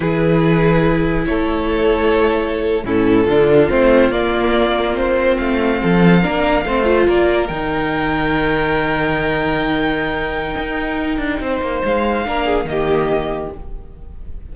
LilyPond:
<<
  \new Staff \with { instrumentName = "violin" } { \time 4/4 \tempo 4 = 142 b'2. cis''4~ | cis''2~ cis''8. a'4~ a'16~ | a'8. c''4 d''2 c''16~ | c''8. f''2.~ f''16~ |
f''8. d''4 g''2~ g''16~ | g''1~ | g''1 | f''2 dis''2 | }
  \new Staff \with { instrumentName = "violin" } { \time 4/4 gis'2. a'4~ | a'2~ a'8. e'4 f'16~ | f'1~ | f'4.~ f'16 a'4 ais'4 c''16~ |
c''8. ais'2.~ ais'16~ | ais'1~ | ais'2. c''4~ | c''4 ais'8 gis'8 g'2 | }
  \new Staff \with { instrumentName = "viola" } { \time 4/4 e'1~ | e'2~ e'8. cis'4 d'16~ | d'8. c'4 ais2 c'16~ | c'2~ c'8. d'4 c'16~ |
c'16 f'4. dis'2~ dis'16~ | dis'1~ | dis'1~ | dis'4 d'4 ais2 | }
  \new Staff \with { instrumentName = "cello" } { \time 4/4 e2. a4~ | a2~ a8. a,4 d16~ | d8. a4 ais2~ ais16~ | ais8. a4 f4 ais4 a16~ |
a8. ais4 dis2~ dis16~ | dis1~ | dis4 dis'4. d'8 c'8 ais8 | gis4 ais4 dis2 | }
>>